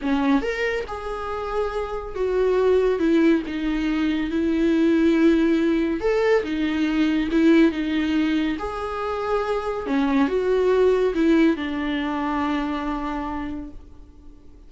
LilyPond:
\new Staff \with { instrumentName = "viola" } { \time 4/4 \tempo 4 = 140 cis'4 ais'4 gis'2~ | gis'4 fis'2 e'4 | dis'2 e'2~ | e'2 a'4 dis'4~ |
dis'4 e'4 dis'2 | gis'2. cis'4 | fis'2 e'4 d'4~ | d'1 | }